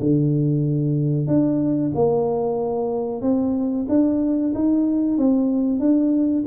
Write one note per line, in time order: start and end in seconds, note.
0.00 1.27 D3
1.27 1.91 D4
1.95 3.22 A#3
3.22 3.86 C4
3.89 4.53 D4
4.54 5.18 D#4
5.18 5.79 C4
5.79 6.44 D4